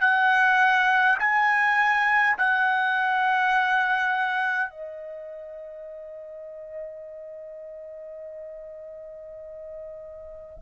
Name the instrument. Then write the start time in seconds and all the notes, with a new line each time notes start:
trumpet
0.00 F#5
1.19 G#5
2.37 F#5
4.70 D#5